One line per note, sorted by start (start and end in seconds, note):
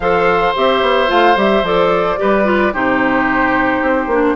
0.00 0.52 F3
0.00 0.55 A4
0.00 2.19 C5
0.00 0.55 F5
0.55 0.81 C4
0.55 1.07 G4
0.55 1.10 E5
0.81 1.08 B3
1.07 1.36 A3
1.07 1.34 F4
1.07 1.37 F5
1.35 1.62 G3
1.35 1.63 G4
1.35 1.64 E5
1.62 2.16 F3
1.62 2.17 A4
1.62 2.74 D5
2.17 2.73 G3
2.17 2.44 G4
2.17 2.73 B4
2.44 2.71 F4
2.73 3.81 C3
2.73 4.09 D#4
2.73 4.35 G4
2.73 4.35 C5
3.81 4.07 C4
4.07 4.34 A#3
4.07 4.35 D4